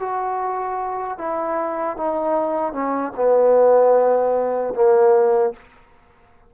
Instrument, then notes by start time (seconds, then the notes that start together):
trombone
0.00 F#4
1.18 E4
1.97 D#4
2.73 C#4
3.16 B3
4.74 A#3